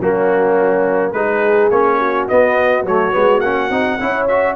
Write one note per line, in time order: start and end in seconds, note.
0.00 1.13 F#3
0.00 1.15 A#3
0.00 1.14 C#4
0.00 1.12 F#4
1.12 1.70 G#3
1.12 1.72 D#4
1.12 1.99 G#4
1.12 1.69 B4
1.71 2.28 A#3
1.71 2.29 C#4
1.71 2.28 C#5
1.99 3.99 F#4
2.28 2.86 B3
2.28 2.83 B3
2.28 2.85 D#5
2.83 3.12 F#3
2.83 3.12 A3
2.83 3.40 C#5
3.12 3.42 G#3
3.12 3.41 B3
3.40 3.70 A#3
3.40 3.71 C#4
3.40 4.26 F#5
3.70 3.98 C4
3.70 3.99 D#4
4.00 4.56 C#4
4.00 4.29 E4
4.00 4.56 C#5
4.27 4.56 F#4
4.27 4.56 E5